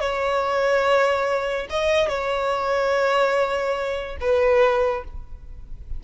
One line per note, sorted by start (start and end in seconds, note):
0.00 1.67 C#5
1.70 2.08 D#5
2.08 4.17 C#5
4.20 5.04 B4